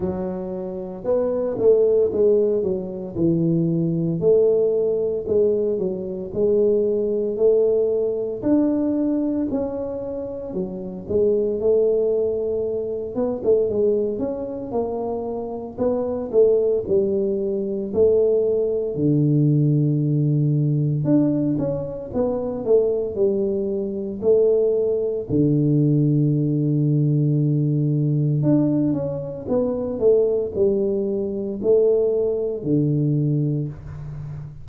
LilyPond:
\new Staff \with { instrumentName = "tuba" } { \time 4/4 \tempo 4 = 57 fis4 b8 a8 gis8 fis8 e4 | a4 gis8 fis8 gis4 a4 | d'4 cis'4 fis8 gis8 a4~ | a8 b16 a16 gis8 cis'8 ais4 b8 a8 |
g4 a4 d2 | d'8 cis'8 b8 a8 g4 a4 | d2. d'8 cis'8 | b8 a8 g4 a4 d4 | }